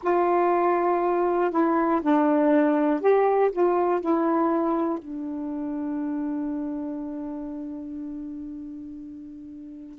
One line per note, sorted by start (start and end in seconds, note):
0.03 1.50 F4
1.50 2.00 E4
2.01 3.00 D4
3.00 3.50 G4
3.52 4.00 F4
4.00 4.99 E4
4.99 9.99 D4